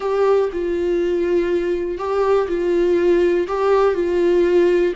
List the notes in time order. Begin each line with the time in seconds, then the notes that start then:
0.00 G4
0.52 F4
1.97 G4
2.48 F4
3.47 G4
3.94 F4